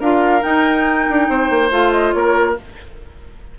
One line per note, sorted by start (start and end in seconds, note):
0.00 0.43 D4
0.00 0.42 F4
0.00 1.28 A#4
0.00 0.43 F5
0.42 1.70 D#4
0.42 1.09 D#4
0.42 1.70 G5
1.09 1.29 D4
1.29 1.50 C4
1.29 2.16 C5
1.50 1.71 A#3
1.71 2.14 A3
1.71 2.56 F4
1.71 1.92 F5
1.92 2.13 D#5
2.13 2.57 A#3
2.13 2.59 A#4
2.13 2.55 C#5